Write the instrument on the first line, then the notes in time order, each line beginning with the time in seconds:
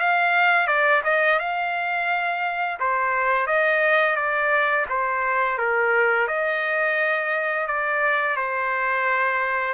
trumpet
0.00 F5
0.68 D5
1.05 D#5
1.40 F5
2.80 C5
3.47 D#5
4.16 D5
4.90 C5
5.58 A#4
6.28 D#5
7.68 D5
8.37 C5